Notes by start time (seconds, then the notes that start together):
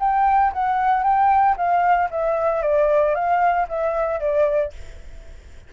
0.00 G5
0.53 F#5
1.03 G5
1.57 F5
2.11 E5
2.62 D5
3.15 F5
3.69 E5
4.21 D5